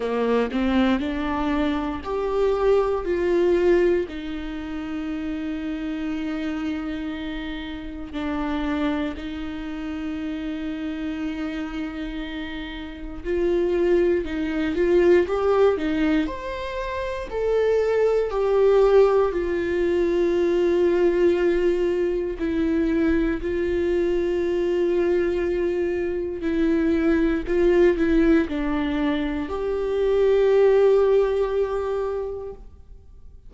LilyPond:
\new Staff \with { instrumentName = "viola" } { \time 4/4 \tempo 4 = 59 ais8 c'8 d'4 g'4 f'4 | dis'1 | d'4 dis'2.~ | dis'4 f'4 dis'8 f'8 g'8 dis'8 |
c''4 a'4 g'4 f'4~ | f'2 e'4 f'4~ | f'2 e'4 f'8 e'8 | d'4 g'2. | }